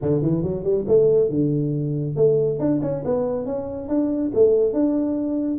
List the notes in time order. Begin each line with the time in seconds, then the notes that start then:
0.01 D3
0.22 E3
0.42 F#3
0.63 G3
0.87 A3
1.29 D3
2.16 A3
2.59 D4
2.82 C#4
3.04 B3
3.45 C#4
3.88 D4
4.34 A3
4.73 D4